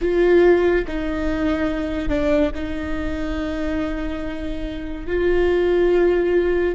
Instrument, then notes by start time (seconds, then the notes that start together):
viola
0.01 F4
0.87 D#4
2.08 D4
2.54 D#4
5.06 F4